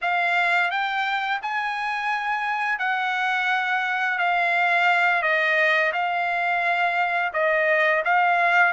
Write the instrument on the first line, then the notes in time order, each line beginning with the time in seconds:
trumpet
0.01 F5
0.70 G5
1.41 G#5
2.78 F#5
4.18 F5
5.22 D#5
5.92 F5
7.33 D#5
8.04 F5